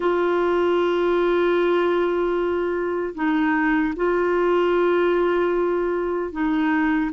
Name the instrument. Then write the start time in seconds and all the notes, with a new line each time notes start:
clarinet
0.00 F4
3.14 D#4
3.95 F4
6.32 D#4